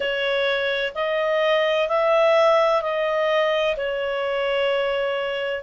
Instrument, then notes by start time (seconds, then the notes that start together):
clarinet
0.00 C#5
0.95 D#5
1.88 E5
2.81 D#5
3.76 C#5